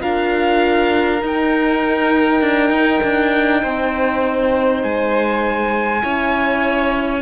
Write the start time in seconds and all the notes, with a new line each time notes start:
0.00 D4 F4 A#4 F5
1.22 D#4 G5
2.41 D4
2.70 D#4
3.04 D4
3.62 C4 C5
4.83 G#3 G#5
6.02 C#4 E4 C#5